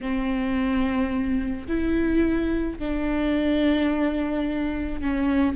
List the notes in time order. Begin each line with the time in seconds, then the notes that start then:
0.00 C4
1.67 E4
2.79 D4
5.01 C#4